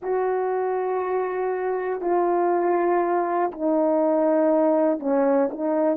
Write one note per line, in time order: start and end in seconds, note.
0.02 2.01 F#4
2.01 3.51 F4
3.51 5.00 D#4
5.00 5.50 C#4
5.51 5.96 D#4